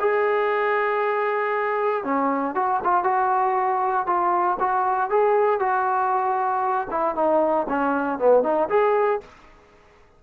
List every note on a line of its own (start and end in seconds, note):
0.00 2.04 G#4
2.04 2.55 C#4
2.55 2.80 F#4
2.84 3.04 F4
3.04 4.06 F#4
4.06 4.58 F4
4.60 5.10 F#4
5.10 5.59 G#4
5.59 6.88 F#4
6.90 7.15 E4
7.15 7.67 D#4
7.69 8.19 C#4
8.19 8.43 B3
8.43 8.69 D#4
8.69 9.20 G#4